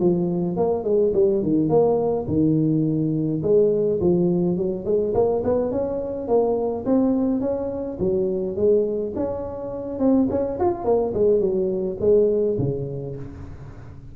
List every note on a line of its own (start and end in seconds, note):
0.00 0.57 F3
0.57 0.84 A#3
0.84 1.13 G#3
1.14 1.43 G3
1.43 1.69 D#3
1.69 2.26 A#3
2.28 3.42 D#3
3.43 4.00 G#3
4.01 4.57 F3
4.57 4.85 F#3
4.85 5.14 G#3
5.15 5.43 A#3
5.44 5.71 B3
5.71 6.28 C#4
6.28 6.85 A#3
6.86 7.41 C4
7.41 7.98 C#4
7.99 8.56 F#3
8.56 9.14 G#3
9.16 9.99 C#4
9.99 10.28 C4
10.30 10.59 C#4
10.60 10.85 F4
10.85 11.14 A#3
11.14 11.41 G#3
11.41 11.98 F#3
12.01 12.58 G#3
12.59 13.16 C#3